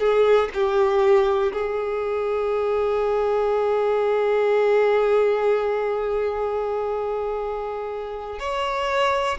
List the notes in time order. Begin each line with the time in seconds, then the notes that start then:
0.00 G#4
0.55 G4
1.53 G#4
8.40 C#5